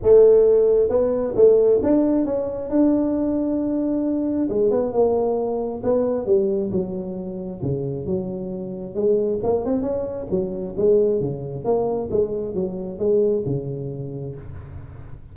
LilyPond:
\new Staff \with { instrumentName = "tuba" } { \time 4/4 \tempo 4 = 134 a2 b4 a4 | d'4 cis'4 d'2~ | d'2 gis8 b8 ais4~ | ais4 b4 g4 fis4~ |
fis4 cis4 fis2 | gis4 ais8 c'8 cis'4 fis4 | gis4 cis4 ais4 gis4 | fis4 gis4 cis2 | }